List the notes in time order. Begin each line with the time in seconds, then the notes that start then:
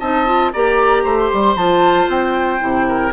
0.00 C4 D#4 D#5 A5
0.26 F4
0.53 A#3 G4 D5 A#5
1.04 A3 C5
1.19 C6
1.33 G3
1.56 F3 F4 A5
2.09 C4 G5
2.60 C3 E4
2.88 A#4